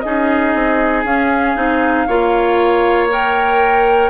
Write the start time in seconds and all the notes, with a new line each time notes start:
0.00 C#4 D#4 G#4 D#5
0.54 C4
1.04 C#4 F5
1.56 C4 D#4
2.07 A#3 F4 C#5
3.11 A#4 G5